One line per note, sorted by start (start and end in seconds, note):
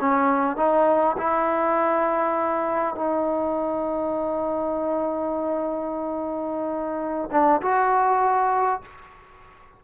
0.00 0.56 C#4
0.56 1.16 D#4
1.17 2.95 E4
2.95 7.30 D#4
7.31 7.61 D4
7.61 8.81 F#4